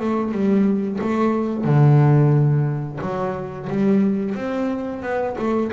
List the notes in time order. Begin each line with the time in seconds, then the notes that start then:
0.00 A3
0.32 G3
1.01 A3
1.64 D3
3.01 F#3
3.70 G3
4.35 C4
5.03 B3
5.38 A3